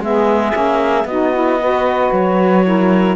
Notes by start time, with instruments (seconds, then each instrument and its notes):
0.00 cello G#3, saxophone B3 G#4, clarinet E5
0.52 cello A#3, saxophone C#4
1.05 cello B3, saxophone D#4 F#4, clarinet D#5
1.35 saxophone E4
1.61 saxophone F#4 B4
2.12 cello F#3, clarinet C#5
2.64 saxophone E4 A#4